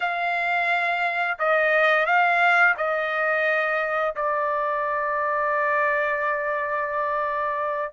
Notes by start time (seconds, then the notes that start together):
0.00 F5
1.39 D#5
2.06 F5
2.77 D#5
4.15 D5